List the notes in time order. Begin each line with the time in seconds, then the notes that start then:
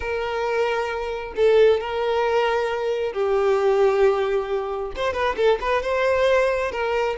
0.00 A#4
1.36 A4
1.80 A#4
3.12 G4
4.96 C5
5.13 B4
5.36 A4
5.60 B4
5.82 C5
6.71 A#4